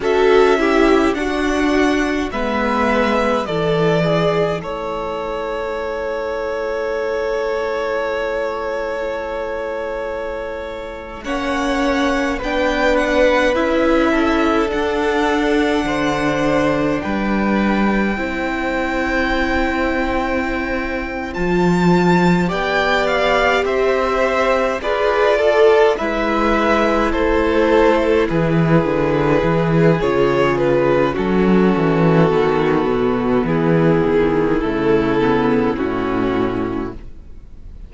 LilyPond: <<
  \new Staff \with { instrumentName = "violin" } { \time 4/4 \tempo 4 = 52 e''4 fis''4 e''4 d''4 | cis''1~ | cis''4.~ cis''16 fis''4 g''8 fis''8 e''16~ | e''8. fis''2 g''4~ g''16~ |
g''2~ g''8 a''4 g''8 | f''8 e''4 d''4 e''4 c''8~ | c''8 b'4. cis''8 b'8 a'4~ | a'4 gis'4 a'4 fis'4 | }
  \new Staff \with { instrumentName = "violin" } { \time 4/4 a'8 g'8 fis'4 b'4 a'8 gis'8 | a'1~ | a'4.~ a'16 cis''4 b'4~ b'16~ | b'16 a'4. c''4 b'4 c''16~ |
c''2.~ c''8 d''8~ | d''8 c''4 b'8 a'8 b'4 a'8~ | a'8 gis'2~ gis'8 fis'4~ | fis'4 e'2. | }
  \new Staff \with { instrumentName = "viola" } { \time 4/4 fis'8 e'8 d'4 b4 e'4~ | e'1~ | e'4.~ e'16 cis'4 d'4 e'16~ | e'8. d'2. e'16~ |
e'2~ e'8 f'4 g'8~ | g'4. gis'8 a'8 e'4.~ | e'2 f'4 cis'4 | b2 a8 b8 cis'4 | }
  \new Staff \with { instrumentName = "cello" } { \time 4/4 cis'4 d'4 gis4 e4 | a1~ | a4.~ a16 ais4 b4 cis'16~ | cis'8. d'4 d4 g4 c'16~ |
c'2~ c'8 f4 b8~ | b8 c'4 f'4 gis4 a8~ | a8 e8 d8 e8 cis4 fis8 e8 | dis8 b,8 e8 dis8 cis4 a,4 | }
>>